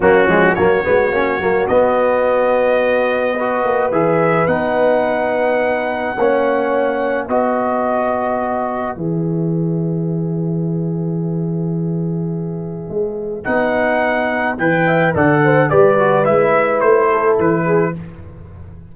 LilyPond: <<
  \new Staff \with { instrumentName = "trumpet" } { \time 4/4 \tempo 4 = 107 fis'4 cis''2 dis''4~ | dis''2. e''4 | fis''1~ | fis''4 dis''2. |
e''1~ | e''1 | fis''2 g''4 fis''4 | d''4 e''4 c''4 b'4 | }
  \new Staff \with { instrumentName = "horn" } { \time 4/4 cis'4 fis'2.~ | fis'2 b'2~ | b'2. cis''4~ | cis''4 b'2.~ |
b'1~ | b'1~ | b'2~ b'8 e''8 d''8 c''8 | b'2~ b'8 a'4 gis'8 | }
  \new Staff \with { instrumentName = "trombone" } { \time 4/4 ais8 gis8 ais8 b8 cis'8 ais8 b4~ | b2 fis'4 gis'4 | dis'2. cis'4~ | cis'4 fis'2. |
gis'1~ | gis'1 | dis'2 b'4 a'4 | g'8 fis'8 e'2. | }
  \new Staff \with { instrumentName = "tuba" } { \time 4/4 fis8 f8 fis8 gis8 ais8 fis8 b4~ | b2~ b8 ais8 e4 | b2. ais4~ | ais4 b2. |
e1~ | e2. gis4 | b2 e4 d4 | g4 gis4 a4 e4 | }
>>